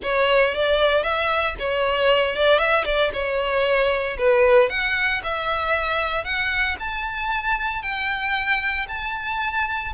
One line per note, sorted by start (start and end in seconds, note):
0.02 0.54 C#5
0.54 1.03 D5
1.03 1.55 E5
1.59 2.35 C#5
2.35 2.58 D5
2.58 2.84 E5
2.84 3.10 D5
3.13 4.17 C#5
4.18 4.69 B4
4.69 5.21 F#5
5.23 6.24 E5
6.24 6.76 F#5
6.79 7.82 A5
7.82 8.86 G5
8.88 9.92 A5